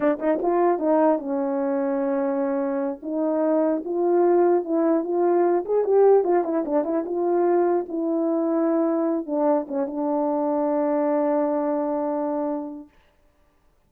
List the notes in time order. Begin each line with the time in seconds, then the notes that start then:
0.00 D4
0.19 D#4
0.41 F4
0.78 D#4
1.19 C#4
3.02 D#4
3.84 F4
4.64 E4
5.04 F4
5.65 G#4
5.84 G4
6.23 F4
6.44 E4
6.65 D4
6.84 E4
7.05 F4
7.88 E4
9.26 D4
9.68 C#4
9.86 D4